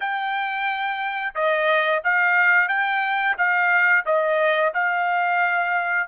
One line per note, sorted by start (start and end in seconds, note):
0.00 1.34 G5
1.35 2.02 D#5
2.03 2.68 F5
2.68 3.36 G5
3.37 4.04 F5
4.05 4.73 D#5
4.74 6.07 F5